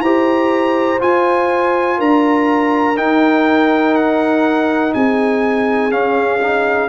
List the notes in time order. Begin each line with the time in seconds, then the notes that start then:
0.00 E4 G4 C5 A#5
0.99 F4 G#5
1.98 D4 A#4 A#5
2.97 D#4 G5
3.95 F#5
4.94 C4 G#4 G#5
5.91 C#4 F5
6.42 D#4